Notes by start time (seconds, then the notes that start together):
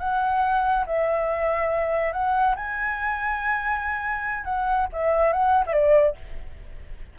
0.00 F#5
0.87 E5
2.13 F#5
2.56 G#5
4.45 F#5
4.93 E5
5.33 F#5
5.67 E5
5.74 D5